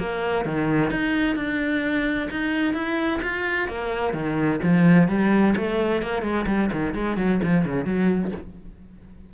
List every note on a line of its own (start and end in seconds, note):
0.00 0.45 A#3
0.45 0.91 D#3
0.91 1.36 D#4
1.36 2.29 D4
2.31 2.74 D#4
2.74 3.21 E4
3.23 3.68 F4
3.68 4.14 A#3
4.14 4.60 D#3
4.63 5.09 F3
5.09 5.55 G3
5.57 6.03 A3
6.03 6.23 A#3
6.23 6.46 G#3
6.47 6.70 G3
6.73 6.95 D#3
6.95 7.18 G#3
7.18 7.41 F#3
7.44 7.66 F3
7.66 7.85 C#3
7.85 8.32 F#3